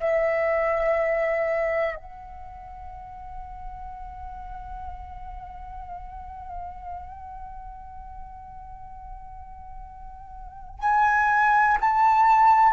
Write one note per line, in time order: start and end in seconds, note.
0.00 1.96 E5
1.96 10.79 F#5
10.79 11.78 G#5
11.81 12.73 A5